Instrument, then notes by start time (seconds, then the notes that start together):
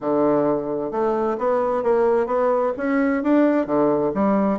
bassoon
0.00 D3
0.91 A3
1.38 B3
1.83 A#3
2.26 B3
2.77 C#4
3.23 D4
3.66 D3
4.14 G3